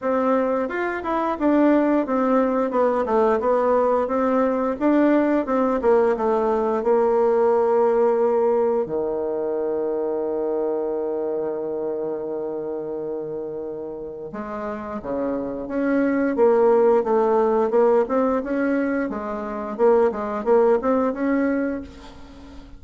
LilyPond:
\new Staff \with { instrumentName = "bassoon" } { \time 4/4 \tempo 4 = 88 c'4 f'8 e'8 d'4 c'4 | b8 a8 b4 c'4 d'4 | c'8 ais8 a4 ais2~ | ais4 dis2.~ |
dis1~ | dis4 gis4 cis4 cis'4 | ais4 a4 ais8 c'8 cis'4 | gis4 ais8 gis8 ais8 c'8 cis'4 | }